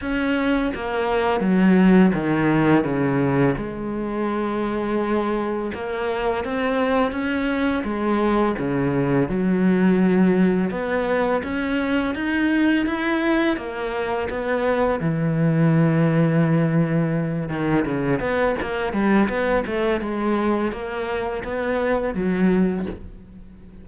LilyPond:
\new Staff \with { instrumentName = "cello" } { \time 4/4 \tempo 4 = 84 cis'4 ais4 fis4 dis4 | cis4 gis2. | ais4 c'4 cis'4 gis4 | cis4 fis2 b4 |
cis'4 dis'4 e'4 ais4 | b4 e2.~ | e8 dis8 cis8 b8 ais8 g8 b8 a8 | gis4 ais4 b4 fis4 | }